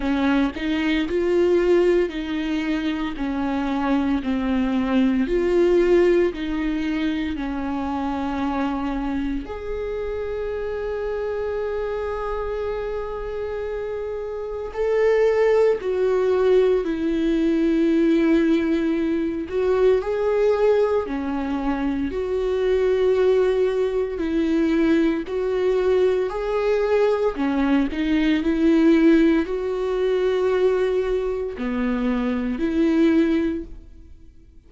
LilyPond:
\new Staff \with { instrumentName = "viola" } { \time 4/4 \tempo 4 = 57 cis'8 dis'8 f'4 dis'4 cis'4 | c'4 f'4 dis'4 cis'4~ | cis'4 gis'2.~ | gis'2 a'4 fis'4 |
e'2~ e'8 fis'8 gis'4 | cis'4 fis'2 e'4 | fis'4 gis'4 cis'8 dis'8 e'4 | fis'2 b4 e'4 | }